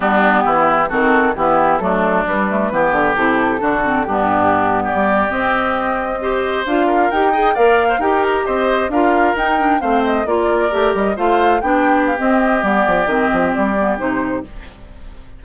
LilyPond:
<<
  \new Staff \with { instrumentName = "flute" } { \time 4/4 \tempo 4 = 133 g'2 a'4 g'4 | a'4 b'2 a'4~ | a'4 g'4.~ g'16 d''4 dis''16~ | dis''2~ dis''8. f''4 g''16~ |
g''8. f''4 g''8 ais''8 dis''4 f''16~ | f''8. g''4 f''8 dis''8 d''4~ d''16~ | d''16 dis''8 f''4 g''4 f''16 dis''4 | d''4 dis''4 d''4 c''4 | }
  \new Staff \with { instrumentName = "oboe" } { \time 4/4 d'4 e'4 fis'4 e'4 | d'2 g'2 | fis'4 d'4.~ d'16 g'4~ g'16~ | g'4.~ g'16 c''4. ais'8.~ |
ais'16 dis''8 d''8. c''16 ais'4 c''4 ais'16~ | ais'4.~ ais'16 c''4 ais'4~ ais'16~ | ais'8. c''4 g'2~ g'16~ | g'1 | }
  \new Staff \with { instrumentName = "clarinet" } { \time 4/4 b2 c'4 b4 | a4 g8 a8 b4 e'4 | d'8 c'8 b2~ b8. c'16~ | c'4.~ c'16 g'4 f'4 g'16~ |
g'16 gis'8 ais'4 g'2 f'16~ | f'8. dis'8 d'8 c'4 f'4 g'16~ | g'8. f'4 d'4~ d'16 c'4 | b4 c'4. b8 dis'4 | }
  \new Staff \with { instrumentName = "bassoon" } { \time 4/4 g4 e4 dis4 e4 | fis4 g4 e8 d8 c4 | d4 g,2 g8. c'16~ | c'2~ c'8. d'4 dis'16~ |
dis'8. ais4 dis'4 c'4 d'16~ | d'8. dis'4 a4 ais4 a16~ | a16 g8 a4 b4~ b16 c'4 | g8 f8 dis8 f8 g4 c4 | }
>>